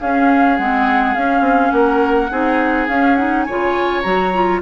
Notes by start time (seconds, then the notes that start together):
0.00 C#4 G#4 F5
0.57 G#3 C4 F#5
1.15 C#4 F5
1.41 C4
1.71 A#3 A#4 F#5
2.31 C4 D#4 G#4
2.88 C#4 F5
3.15 D#4 F#5
3.43 C#5 G#5
3.49 C#3 F4
4.03 F#3 F#4 A#5
4.34 F4